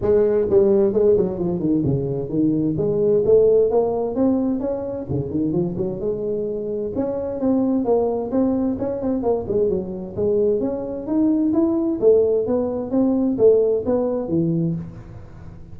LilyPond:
\new Staff \with { instrumentName = "tuba" } { \time 4/4 \tempo 4 = 130 gis4 g4 gis8 fis8 f8 dis8 | cis4 dis4 gis4 a4 | ais4 c'4 cis'4 cis8 dis8 | f8 fis8 gis2 cis'4 |
c'4 ais4 c'4 cis'8 c'8 | ais8 gis8 fis4 gis4 cis'4 | dis'4 e'4 a4 b4 | c'4 a4 b4 e4 | }